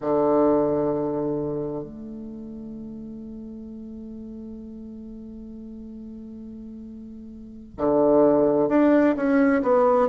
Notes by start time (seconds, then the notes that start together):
0.00 D3
1.84 A3
7.77 D3
8.69 D4
9.16 C#4
9.62 B3